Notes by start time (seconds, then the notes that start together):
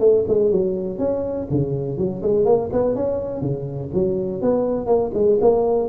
0.00 A3
0.28 G#3
0.51 F#3
0.99 C#4
1.51 C#3
1.98 F#3
2.23 G#3
2.45 A#3
2.73 B3
2.95 C#4
3.41 C#3
3.94 F#3
4.42 B3
4.86 A#3
5.14 G#3
5.41 A#3